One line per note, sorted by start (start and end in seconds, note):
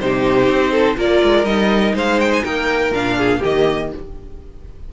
0.00 0.48 C3
0.00 0.96 D#4
0.00 0.72 G4
0.00 0.98 C5
0.48 0.97 C4
0.72 0.96 A4
0.96 1.22 A#3
0.96 1.45 F4
0.96 1.94 A#4
0.96 1.45 D5
1.23 1.44 G#3
1.44 1.93 G3
1.44 2.92 D#4
1.44 1.94 D#5
1.94 2.42 G#3
1.94 2.43 C5
1.94 2.20 F5
2.20 2.32 G5
2.33 2.44 G#5
2.43 2.91 A#3
2.43 3.17 A#4
2.43 2.93 G5
2.91 3.40 A#2
2.91 3.42 D4
2.91 3.42 F5
3.17 3.39 G#4
3.39 3.93 D#3
3.39 3.91 A#3
3.39 3.88 G4
3.39 3.93 D#5